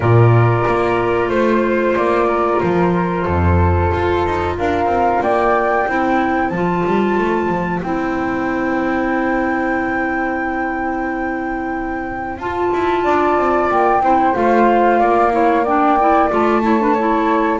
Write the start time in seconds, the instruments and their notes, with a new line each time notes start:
0.00 double bass A#2, clarinet F4, flute A#4 D5
0.67 double bass A#3
1.29 double bass A3, flute C5
1.95 double bass A#3, flute D5
2.27 flute A#4
2.60 double bass F3, flute C5
3.24 double bass F2, flute A4
3.93 double bass F4
4.25 double bass D#4
4.57 double bass D4, flute A#4 F5
4.85 double bass C4
5.21 double bass A#3, flute D5 G5
5.86 double bass C4, clarinet E4, flute C5
6.49 double bass F3, clarinet F4, flute A5
6.86 double bass G3
7.18 double bass A3
7.48 double bass F3
7.82 double bass C4, clarinet E4, flute G5
12.37 double bass F4, clarinet F4, flute A5
12.73 double bass E4
13.04 double bass D4, flute D5
13.37 double bass C4
13.69 double bass A#3, flute G5
14.01 double bass C4, clarinet E4, flute C5
14.33 double bass A3, clarinet F4, flute F5
14.99 double bass A#3, flute D5
15.31 clarinet E4, flute C#5
15.63 clarinet D4, flute D5 G5
15.99 clarinet E4
16.30 double bass A3, clarinet F4, flute A5
16.62 clarinet E4, flute C#5
16.79 clarinet D4, flute B4
16.94 clarinet E4, flute C#5